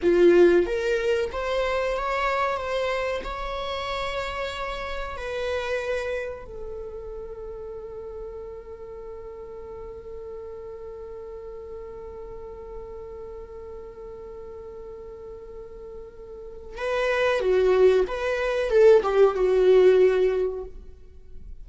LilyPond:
\new Staff \with { instrumentName = "viola" } { \time 4/4 \tempo 4 = 93 f'4 ais'4 c''4 cis''4 | c''4 cis''2. | b'2 a'2~ | a'1~ |
a'1~ | a'1~ | a'2 b'4 fis'4 | b'4 a'8 g'8 fis'2 | }